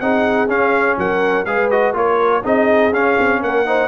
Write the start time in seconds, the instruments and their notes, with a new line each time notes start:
0.00 tuba C4, trombone D#4, horn G#4, trumpet F#5
0.48 tuba C#4, trombone C#4, trumpet F5
0.98 tuba F#3, horn A#4, trumpet F#5
1.45 tuba G#3, trombone G#4, horn B4, trumpet F5
1.71 trombone F#4, trumpet D#5
1.93 tuba A#3, trombone F4, horn A#4, trumpet C#5
2.42 tuba C4, trombone D#4, horn G#4, trumpet D#5
2.92 trombone C#4, tuba C#4, trumpet F5
3.19 tuba C4
3.42 tuba A#3, horn A#4, trumpet F#5
3.66 trombone D#4, horn C5